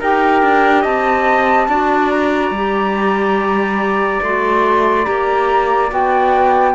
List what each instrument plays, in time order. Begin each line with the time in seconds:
0.00 cello D#4, clarinet G4, trumpet A#4, flute G5
0.43 cello D4
0.82 cello C4, trumpet D#5, flute A5
1.68 cello D4, clarinet F#4, trumpet D5
2.10 flute A#5
2.51 cello G3, clarinet G4
4.22 cello A3, clarinet F#4, flute C6
5.05 cello A#3, clarinet G4, flute A#5
5.90 cello B3, clarinet F#4, flute G5